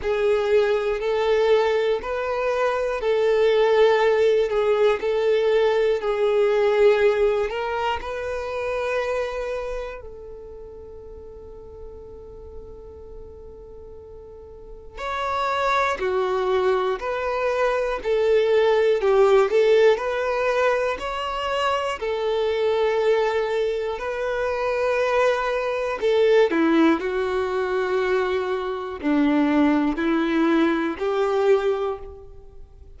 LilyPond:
\new Staff \with { instrumentName = "violin" } { \time 4/4 \tempo 4 = 60 gis'4 a'4 b'4 a'4~ | a'8 gis'8 a'4 gis'4. ais'8 | b'2 a'2~ | a'2. cis''4 |
fis'4 b'4 a'4 g'8 a'8 | b'4 cis''4 a'2 | b'2 a'8 e'8 fis'4~ | fis'4 d'4 e'4 g'4 | }